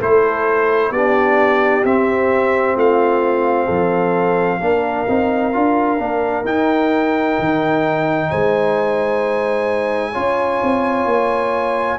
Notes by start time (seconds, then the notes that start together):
0.00 A3 E4 A4 C5
0.91 B3 D4 G4 D5
1.84 C4 E5
2.76 A3 F4 F5
3.65 F3 A4
4.60 A#3 D4 A#4
5.07 C4 D#4
5.53 D4 F4
5.98 A#3 D4
6.45 D#4 G5
7.39 D#3
8.30 G#3 C5 G#5
10.12 C#4 F4 C#5
10.63 C4
11.06 A#3